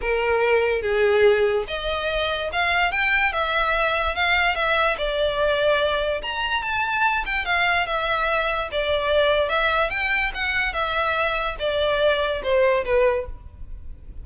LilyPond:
\new Staff \with { instrumentName = "violin" } { \time 4/4 \tempo 4 = 145 ais'2 gis'2 | dis''2 f''4 g''4 | e''2 f''4 e''4 | d''2. ais''4 |
a''4. g''8 f''4 e''4~ | e''4 d''2 e''4 | g''4 fis''4 e''2 | d''2 c''4 b'4 | }